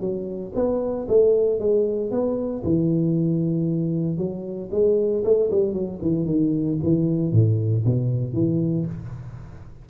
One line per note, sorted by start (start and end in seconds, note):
0.00 0.52 F#3
0.55 1.07 B3
1.08 1.59 A3
1.59 2.10 G#3
2.10 2.63 B3
2.63 4.17 E3
4.17 4.69 F#3
4.71 5.23 G#3
5.24 5.50 A3
5.50 5.73 G3
5.73 5.99 F#3
6.01 6.25 E3
6.25 6.78 D#3
6.83 7.32 E3
7.32 7.84 A2
7.85 8.33 B2
8.33 8.85 E3